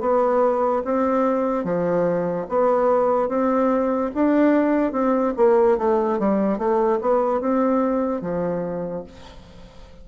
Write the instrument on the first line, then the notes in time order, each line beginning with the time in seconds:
bassoon
0.00 B3
0.84 C4
1.64 F3
2.49 B3
3.28 C4
4.14 D4
4.92 C4
5.36 A#3
5.78 A3
6.19 G3
6.58 A3
7.00 B3
7.40 C4
8.21 F3